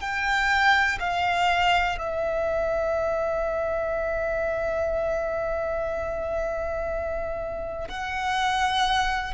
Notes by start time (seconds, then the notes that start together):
0.00 G5
0.99 F5
1.98 E5
7.88 F#5